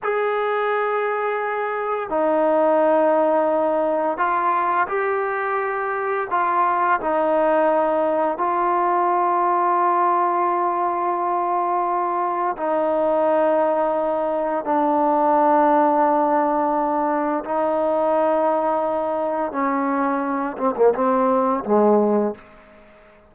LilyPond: \new Staff \with { instrumentName = "trombone" } { \time 4/4 \tempo 4 = 86 gis'2. dis'4~ | dis'2 f'4 g'4~ | g'4 f'4 dis'2 | f'1~ |
f'2 dis'2~ | dis'4 d'2.~ | d'4 dis'2. | cis'4. c'16 ais16 c'4 gis4 | }